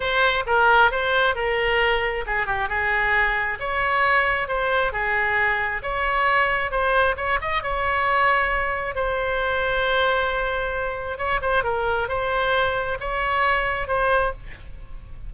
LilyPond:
\new Staff \with { instrumentName = "oboe" } { \time 4/4 \tempo 4 = 134 c''4 ais'4 c''4 ais'4~ | ais'4 gis'8 g'8 gis'2 | cis''2 c''4 gis'4~ | gis'4 cis''2 c''4 |
cis''8 dis''8 cis''2. | c''1~ | c''4 cis''8 c''8 ais'4 c''4~ | c''4 cis''2 c''4 | }